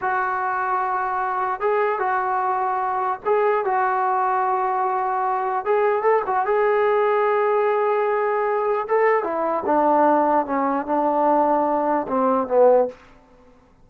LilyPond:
\new Staff \with { instrumentName = "trombone" } { \time 4/4 \tempo 4 = 149 fis'1 | gis'4 fis'2. | gis'4 fis'2.~ | fis'2 gis'4 a'8 fis'8 |
gis'1~ | gis'2 a'4 e'4 | d'2 cis'4 d'4~ | d'2 c'4 b4 | }